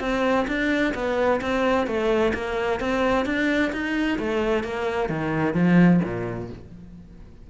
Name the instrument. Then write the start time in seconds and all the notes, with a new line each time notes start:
cello
0.00 C4
0.47 D4
0.94 B3
1.41 C4
1.87 A3
2.34 A#3
2.80 C4
3.25 D4
3.72 D#4
4.19 A3
4.63 A#3
5.09 D#3
5.54 F3
6.03 A#2